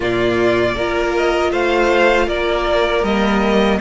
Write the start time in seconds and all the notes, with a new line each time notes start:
0.00 A#2 A#3 F4 D5
0.74 A#3 F4 A#4
1.16 D#5
1.51 A3 C5 F5
2.27 A#3 A#4 D5
3.03 G3 A#3 D#5